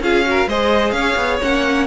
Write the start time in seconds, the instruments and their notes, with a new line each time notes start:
0.00 cello C#4, viola F4, violin G#4 F5
0.24 viola F#4
0.30 violin A#4
0.47 cello G#3, viola G#4, violin C5 D#5
0.91 cello C#4, violin C#5 F5
1.16 cello B3
1.42 cello A#3, viola C#4, violin F#5